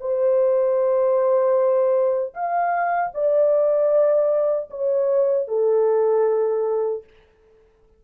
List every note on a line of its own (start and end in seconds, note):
0.00 2.34 C5
2.34 3.12 F5
3.14 4.70 D5
4.70 5.48 C#5
5.48 7.03 A4